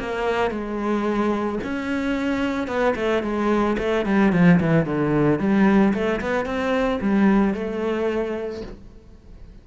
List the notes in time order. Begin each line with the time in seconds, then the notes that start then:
0.00 A#3
0.51 G#3
1.64 C#4
2.68 B3
2.96 A3
3.23 G#3
3.79 A3
4.06 G3
4.33 F3
4.60 E3
4.86 D3
5.40 G3
5.94 A3
6.21 B3
6.46 C4
7.01 G3
7.54 A3